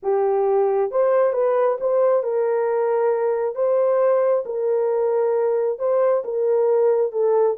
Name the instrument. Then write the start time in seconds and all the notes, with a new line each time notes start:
horn
0.02 G4
0.91 C5
1.33 B4
1.80 C5
2.23 A#4
3.55 C5
4.45 A#4
5.78 C5
6.24 A#4
7.12 A4